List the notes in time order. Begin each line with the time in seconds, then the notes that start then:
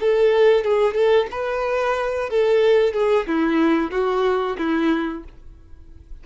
0.00 A4
0.64 G#4
0.94 A4
1.31 B4
2.30 A4
2.94 G#4
3.27 E4
3.91 F#4
4.58 E4